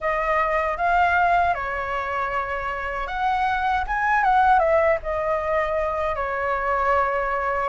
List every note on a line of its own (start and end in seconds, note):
0.00 0.77 D#5
0.77 1.54 F5
1.54 3.07 C#5
3.07 3.84 F#5
3.87 4.23 G#5
4.23 4.59 F#5
4.59 4.98 E5
5.02 6.15 D#5
6.15 7.69 C#5